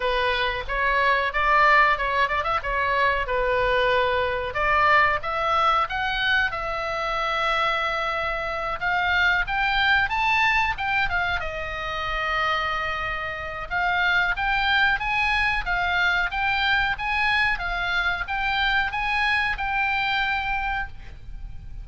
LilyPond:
\new Staff \with { instrumentName = "oboe" } { \time 4/4 \tempo 4 = 92 b'4 cis''4 d''4 cis''8 d''16 e''16 | cis''4 b'2 d''4 | e''4 fis''4 e''2~ | e''4. f''4 g''4 a''8~ |
a''8 g''8 f''8 dis''2~ dis''8~ | dis''4 f''4 g''4 gis''4 | f''4 g''4 gis''4 f''4 | g''4 gis''4 g''2 | }